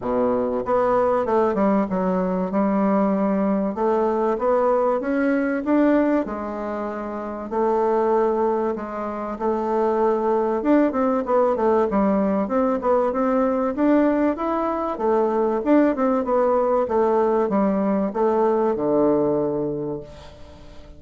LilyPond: \new Staff \with { instrumentName = "bassoon" } { \time 4/4 \tempo 4 = 96 b,4 b4 a8 g8 fis4 | g2 a4 b4 | cis'4 d'4 gis2 | a2 gis4 a4~ |
a4 d'8 c'8 b8 a8 g4 | c'8 b8 c'4 d'4 e'4 | a4 d'8 c'8 b4 a4 | g4 a4 d2 | }